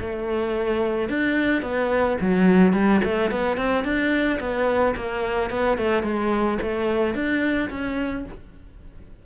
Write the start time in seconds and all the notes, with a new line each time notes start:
0.00 A3
1.09 D4
1.63 B3
2.21 F#3
2.73 G3
3.05 A3
3.31 B3
3.57 C4
3.84 D4
4.40 B3
4.96 A#3
5.50 B3
5.78 A3
6.04 G#3
6.62 A3
7.15 D4
7.70 C#4